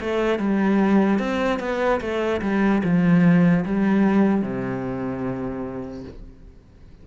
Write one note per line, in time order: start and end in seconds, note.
0.00 0.39 A3
0.39 1.19 G3
1.19 1.60 C4
1.60 2.00 B3
2.00 2.41 A3
2.41 2.82 G3
2.84 3.65 F3
3.65 4.42 G3
4.42 6.04 C3